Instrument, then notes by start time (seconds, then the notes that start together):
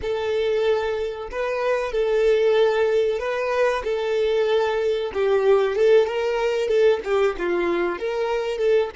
violin
0.01 A4
1.31 B4
1.91 A4
3.19 B4
3.84 A4
5.13 G4
5.75 A4
6.06 A#4
6.68 A4
7.04 G4
7.38 F4
7.98 A#4
8.58 A4